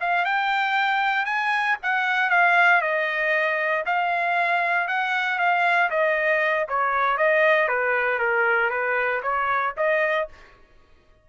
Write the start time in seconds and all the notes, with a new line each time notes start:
0.00 F5
0.25 G5
1.25 G#5
1.83 F#5
2.30 F5
2.81 D#5
3.86 F5
4.88 F#5
5.39 F5
5.90 D#5
6.69 C#5
7.17 D#5
7.68 B4
8.19 A#4
8.70 B4
9.23 C#5
9.77 D#5